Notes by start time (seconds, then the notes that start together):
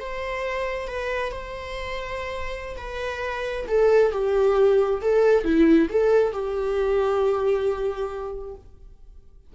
0.00 C5
0.88 B4
1.32 C5
2.77 B4
3.67 A4
4.12 G4
5.01 A4
5.44 E4
5.89 A4
6.33 G4